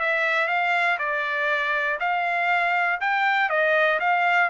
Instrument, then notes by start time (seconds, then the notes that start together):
trumpet
0.00 E5
0.48 F5
0.99 D5
2.00 F5
3.01 G5
3.50 D#5
4.00 F5